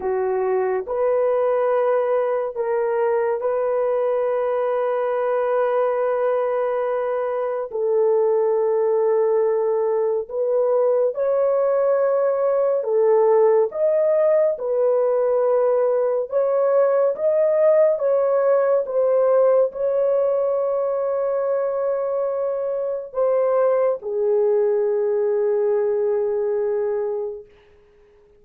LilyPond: \new Staff \with { instrumentName = "horn" } { \time 4/4 \tempo 4 = 70 fis'4 b'2 ais'4 | b'1~ | b'4 a'2. | b'4 cis''2 a'4 |
dis''4 b'2 cis''4 | dis''4 cis''4 c''4 cis''4~ | cis''2. c''4 | gis'1 | }